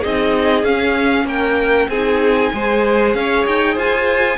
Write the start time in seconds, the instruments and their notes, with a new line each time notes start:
0.00 cello C4, viola D#4, violin G#4 D#5
0.63 cello C#4, viola C#4, violin F5
1.25 cello A#3, violin A#4 G5
1.88 cello C4, viola D#4, violin G#4 G#5
2.53 cello G#3, viola G#4, violin C5
3.14 cello C#4, violin C#5 F5
3.46 cello D#4, violin G5
3.74 cello F4, violin C5 G#5